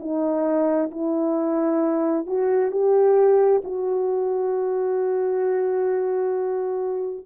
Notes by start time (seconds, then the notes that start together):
0.00 D#4
0.91 E4
2.27 F#4
2.71 G4
3.64 F#4